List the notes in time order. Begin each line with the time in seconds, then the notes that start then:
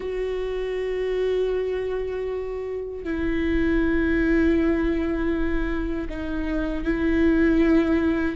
0.00 F#4
3.04 E4
6.09 D#4
6.84 E4